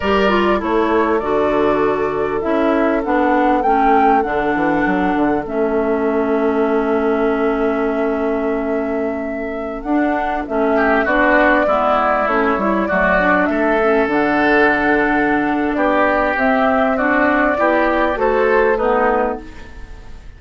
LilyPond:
<<
  \new Staff \with { instrumentName = "flute" } { \time 4/4 \tempo 4 = 99 d''4 cis''4 d''2 | e''4 fis''4 g''4 fis''4~ | fis''4 e''2.~ | e''1~ |
e''16 fis''4 e''4 d''4.~ d''16~ | d''16 cis''4 d''4 e''4 fis''8.~ | fis''2 d''4 e''4 | d''2 c''4 b'4 | }
  \new Staff \with { instrumentName = "oboe" } { \time 4/4 ais'4 a'2.~ | a'1~ | a'1~ | a'1~ |
a'4.~ a'16 g'8 fis'4 e'8.~ | e'4~ e'16 fis'4 a'4.~ a'16~ | a'2 g'2 | fis'4 g'4 a'4 dis'4 | }
  \new Staff \with { instrumentName = "clarinet" } { \time 4/4 g'8 f'8 e'4 fis'2 | e'4 d'4 cis'4 d'4~ | d'4 cis'2.~ | cis'1~ |
cis'16 d'4 cis'4 d'4 b8.~ | b16 cis'8 e'8 a8 d'4 cis'8 d'8.~ | d'2. c'4 | d'4 e'4 fis'4 b4 | }
  \new Staff \with { instrumentName = "bassoon" } { \time 4/4 g4 a4 d2 | cis'4 b4 a4 d8 e8 | fis8 d8 a2.~ | a1~ |
a16 d'4 a4 b4 gis8.~ | gis16 a8 g8 fis4 a4 d8.~ | d2 b4 c'4~ | c'4 b4 a2 | }
>>